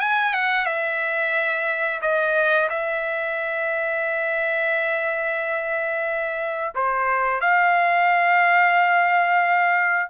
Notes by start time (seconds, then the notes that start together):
0.00 G#5
0.34 F#5
0.66 E5
2.02 D#5
2.70 E5
6.75 C5
7.41 F5